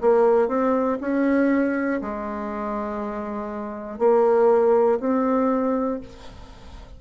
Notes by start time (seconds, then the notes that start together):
0.00 A#3
0.48 C4
1.00 C#4
2.01 G#3
3.98 A#3
5.00 C4